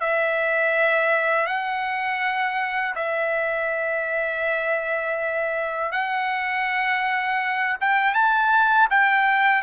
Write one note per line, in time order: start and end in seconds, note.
0.00 1.46 E5
1.46 2.94 F#5
2.95 5.91 E5
5.91 7.76 F#5
7.80 8.14 G5
8.14 8.88 A5
8.90 9.62 G5